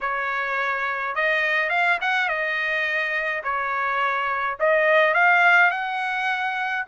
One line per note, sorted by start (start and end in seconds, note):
0.01 1.15 C#5
1.15 1.69 D#5
1.69 1.98 F5
2.01 2.28 F#5
2.28 3.42 D#5
3.43 4.57 C#5
4.59 5.14 D#5
5.14 5.71 F5
5.71 6.85 F#5